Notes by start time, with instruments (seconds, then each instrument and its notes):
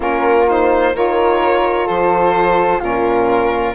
0.00 bassoon A#3, saxophone C#4, flute F4, violin A#4
0.47 saxophone D#4, violin C5
0.94 bassoon D#3, saxophone F4, flute A#4, violin C#5
1.87 bassoon F3, flute A4, violin C5
2.79 bassoon A#2, saxophone C#4, flute F4, violin A#4